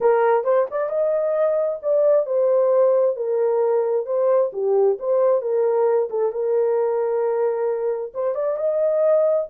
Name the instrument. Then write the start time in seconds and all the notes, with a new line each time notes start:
horn
0.00 A#4
0.44 C5
0.70 D5
0.89 D#5
1.82 D5
2.26 C5
3.16 A#4
4.06 C5
4.52 G4
4.99 C5
5.41 A#4
6.10 A4
6.32 A#4
8.13 C5
8.34 D5
8.56 D#5